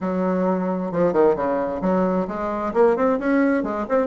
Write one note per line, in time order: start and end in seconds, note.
0.00 0.91 F#3
0.91 1.13 F3
1.13 1.35 D#3
1.36 1.81 C#3
1.81 2.26 F#3
2.27 2.73 G#3
2.73 2.96 A#3
2.96 3.19 C4
3.19 3.63 C#4
3.63 3.86 G#3
3.88 4.07 C4